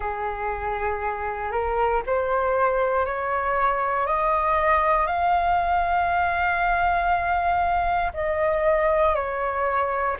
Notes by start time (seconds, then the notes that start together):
0.00 G#4
1.51 A#4
2.06 C5
3.05 C#5
4.06 D#5
5.06 F5
8.14 D#5
9.15 C#5